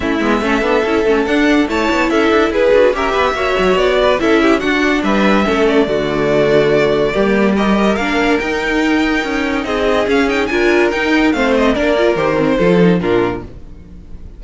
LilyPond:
<<
  \new Staff \with { instrumentName = "violin" } { \time 4/4 \tempo 4 = 143 e''2. fis''4 | a''4 e''4 b'4 e''4~ | e''4 d''4 e''4 fis''4 | e''4. d''2~ d''8~ |
d''2 dis''4 f''4 | g''2. dis''4 | f''8 g''8 gis''4 g''4 f''8 dis''8 | d''4 c''2 ais'4 | }
  \new Staff \with { instrumentName = "violin" } { \time 4/4 e'4 a'2. | cis''4 a'4 gis'4 ais'8 b'8 | cis''4. b'8 a'8 g'8 fis'4 | b'4 a'4 fis'2~ |
fis'4 g'4 ais'2~ | ais'2. gis'4~ | gis'4 ais'2 c''4 | ais'2 a'4 f'4 | }
  \new Staff \with { instrumentName = "viola" } { \time 4/4 cis'8 b8 cis'8 d'8 e'8 cis'8 d'4 | e'2~ e'8 fis'8 g'4 | fis'2 e'4 d'4~ | d'4 cis'4 a2~ |
a4 ais4 g'4 d'4 | dis'1 | cis'8 dis'8 f'4 dis'4 c'4 | d'8 f'8 g'8 c'8 f'8 dis'8 d'4 | }
  \new Staff \with { instrumentName = "cello" } { \time 4/4 a8 gis8 a8 b8 cis'8 a8 d'4 | a8 b8 cis'8 d'8 e'8 d'8 cis'8 b8 | ais8 fis8 b4 cis'4 d'4 | g4 a4 d2~ |
d4 g2 ais4 | dis'2 cis'4 c'4 | cis'4 d'4 dis'4 a4 | ais4 dis4 f4 ais,4 | }
>>